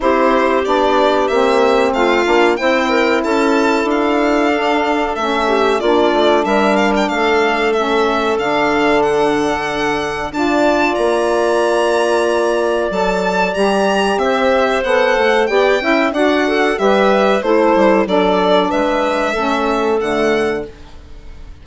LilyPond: <<
  \new Staff \with { instrumentName = "violin" } { \time 4/4 \tempo 4 = 93 c''4 d''4 e''4 f''4 | g''4 a''4 f''2 | e''4 d''4 e''8 f''16 g''16 f''4 | e''4 f''4 fis''2 |
a''4 ais''2. | a''4 ais''4 e''4 fis''4 | g''4 fis''4 e''4 c''4 | d''4 e''2 fis''4 | }
  \new Staff \with { instrumentName = "clarinet" } { \time 4/4 g'2. f'4 | c''8 ais'8 a'2.~ | a'8 g'8 f'4 ais'4 a'4~ | a'1 |
d''1~ | d''2 c''2 | d''8 e''8 d''8 a'8 b'4 e'4 | a'4 b'4 a'2 | }
  \new Staff \with { instrumentName = "saxophone" } { \time 4/4 e'4 d'4 c'4. d'8 | e'2. d'4 | cis'4 d'2. | cis'4 d'2. |
f'1 | a'4 g'2 a'4 | g'8 e'8 fis'4 g'4 a'4 | d'2 cis'4 a4 | }
  \new Staff \with { instrumentName = "bassoon" } { \time 4/4 c'4 b4 ais4 a8 ais8 | c'4 cis'4 d'2 | a4 ais8 a8 g4 a4~ | a4 d2. |
d'4 ais2. | fis4 g4 c'4 b8 a8 | b8 cis'8 d'4 g4 a8 g8 | fis4 gis4 a4 d4 | }
>>